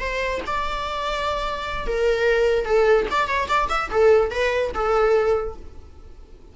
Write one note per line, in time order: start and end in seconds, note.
0.00 0.41 C5
0.47 1.86 D5
1.86 2.65 A#4
2.65 3.06 A4
3.11 3.27 D5
3.27 3.48 C#5
3.48 3.69 D5
3.69 3.89 E5
3.91 4.31 A4
4.31 4.72 B4
4.74 5.56 A4